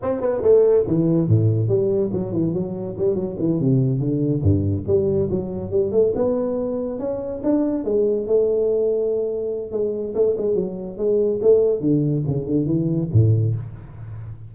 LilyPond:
\new Staff \with { instrumentName = "tuba" } { \time 4/4 \tempo 4 = 142 c'8 b8 a4 e4 a,4 | g4 fis8 e8 fis4 g8 fis8 | e8 c4 d4 g,4 g8~ | g8 fis4 g8 a8 b4.~ |
b8 cis'4 d'4 gis4 a8~ | a2. gis4 | a8 gis8 fis4 gis4 a4 | d4 cis8 d8 e4 a,4 | }